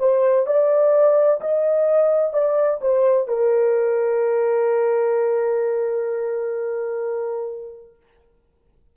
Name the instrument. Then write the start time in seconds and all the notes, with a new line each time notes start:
horn
0.00 C5
0.47 D5
1.41 D#5
2.34 D5
2.82 C5
3.28 A#4